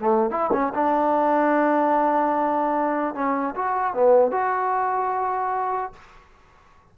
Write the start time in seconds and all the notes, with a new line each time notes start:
0.00 A3
0.30 E4
0.53 C#4
0.74 D4
3.14 C#4
3.55 F#4
3.94 B3
4.31 F#4